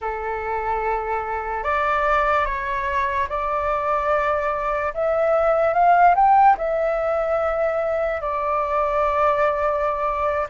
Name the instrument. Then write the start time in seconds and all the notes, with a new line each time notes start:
flute
0.01 A4
1.63 D5
2.45 C#5
3.29 D5
4.94 E5
5.73 F5
6.15 G5
6.58 E5
8.21 D5